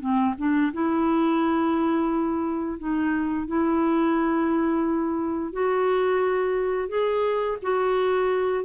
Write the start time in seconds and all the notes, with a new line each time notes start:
0.00 C4
0.38 D4
0.73 E4
2.78 D#4
3.47 E4
5.52 F#4
6.88 G#4
7.62 F#4